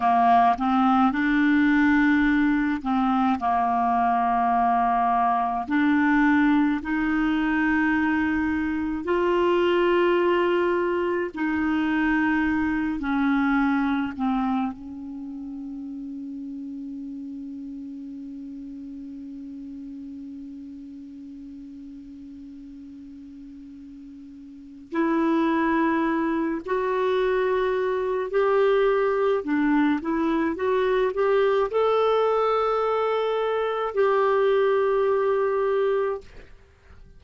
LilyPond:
\new Staff \with { instrumentName = "clarinet" } { \time 4/4 \tempo 4 = 53 ais8 c'8 d'4. c'8 ais4~ | ais4 d'4 dis'2 | f'2 dis'4. cis'8~ | cis'8 c'8 cis'2.~ |
cis'1~ | cis'2 e'4. fis'8~ | fis'4 g'4 d'8 e'8 fis'8 g'8 | a'2 g'2 | }